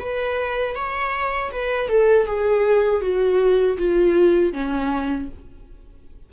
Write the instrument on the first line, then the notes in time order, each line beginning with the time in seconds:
viola
0.00 B4
0.76 C#5
1.52 B4
1.89 A4
2.26 G#4
3.01 F#4
3.78 F4
4.53 C#4